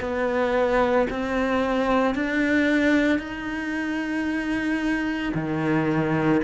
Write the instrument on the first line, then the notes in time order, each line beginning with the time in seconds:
cello
0.00 B3
1.10 C4
2.15 D4
3.19 D#4
5.34 D#3